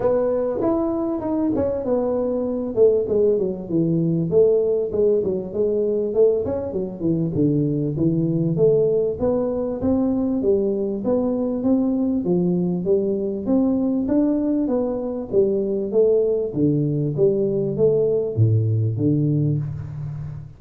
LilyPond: \new Staff \with { instrumentName = "tuba" } { \time 4/4 \tempo 4 = 98 b4 e'4 dis'8 cis'8 b4~ | b8 a8 gis8 fis8 e4 a4 | gis8 fis8 gis4 a8 cis'8 fis8 e8 | d4 e4 a4 b4 |
c'4 g4 b4 c'4 | f4 g4 c'4 d'4 | b4 g4 a4 d4 | g4 a4 a,4 d4 | }